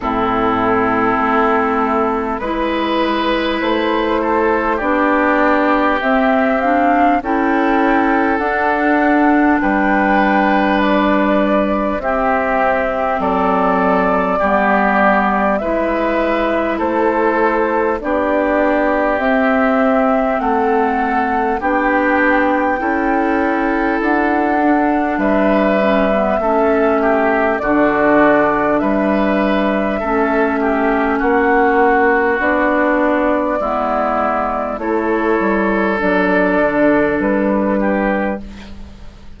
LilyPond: <<
  \new Staff \with { instrumentName = "flute" } { \time 4/4 \tempo 4 = 50 a'2 b'4 c''4 | d''4 e''8 f''8 g''4 fis''4 | g''4 d''4 e''4 d''4~ | d''4 e''4 c''4 d''4 |
e''4 fis''4 g''2 | fis''4 e''2 d''4 | e''2 fis''4 d''4~ | d''4 cis''4 d''4 b'4 | }
  \new Staff \with { instrumentName = "oboe" } { \time 4/4 e'2 b'4. a'8 | g'2 a'2 | b'2 g'4 a'4 | g'4 b'4 a'4 g'4~ |
g'4 a'4 g'4 a'4~ | a'4 b'4 a'8 g'8 fis'4 | b'4 a'8 g'8 fis'2 | e'4 a'2~ a'8 g'8 | }
  \new Staff \with { instrumentName = "clarinet" } { \time 4/4 c'2 e'2 | d'4 c'8 d'8 e'4 d'4~ | d'2 c'2 | b4 e'2 d'4 |
c'2 d'4 e'4~ | e'8 d'4 cis'16 b16 cis'4 d'4~ | d'4 cis'2 d'4 | b4 e'4 d'2 | }
  \new Staff \with { instrumentName = "bassoon" } { \time 4/4 a,4 a4 gis4 a4 | b4 c'4 cis'4 d'4 | g2 c'4 fis4 | g4 gis4 a4 b4 |
c'4 a4 b4 cis'4 | d'4 g4 a4 d4 | g4 a4 ais4 b4 | gis4 a8 g8 fis8 d8 g4 | }
>>